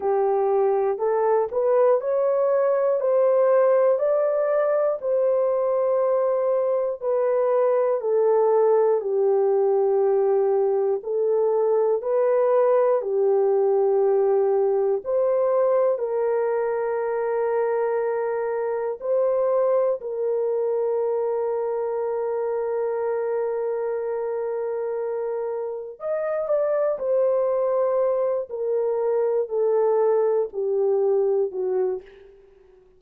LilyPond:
\new Staff \with { instrumentName = "horn" } { \time 4/4 \tempo 4 = 60 g'4 a'8 b'8 cis''4 c''4 | d''4 c''2 b'4 | a'4 g'2 a'4 | b'4 g'2 c''4 |
ais'2. c''4 | ais'1~ | ais'2 dis''8 d''8 c''4~ | c''8 ais'4 a'4 g'4 fis'8 | }